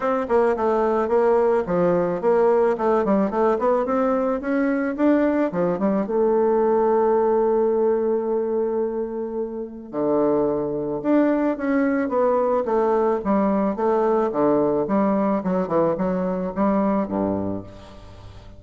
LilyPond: \new Staff \with { instrumentName = "bassoon" } { \time 4/4 \tempo 4 = 109 c'8 ais8 a4 ais4 f4 | ais4 a8 g8 a8 b8 c'4 | cis'4 d'4 f8 g8 a4~ | a1~ |
a2 d2 | d'4 cis'4 b4 a4 | g4 a4 d4 g4 | fis8 e8 fis4 g4 g,4 | }